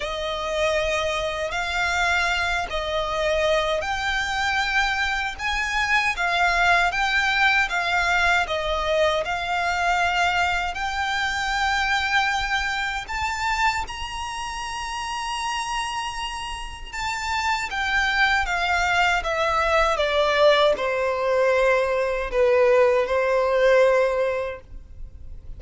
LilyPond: \new Staff \with { instrumentName = "violin" } { \time 4/4 \tempo 4 = 78 dis''2 f''4. dis''8~ | dis''4 g''2 gis''4 | f''4 g''4 f''4 dis''4 | f''2 g''2~ |
g''4 a''4 ais''2~ | ais''2 a''4 g''4 | f''4 e''4 d''4 c''4~ | c''4 b'4 c''2 | }